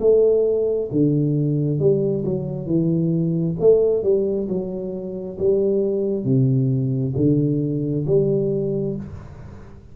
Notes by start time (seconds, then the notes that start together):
0.00 A3
0.92 D3
1.80 G3
2.25 F#3
2.67 E3
3.60 A3
4.03 G3
4.49 F#3
5.39 G3
6.24 C3
7.17 D3
8.07 G3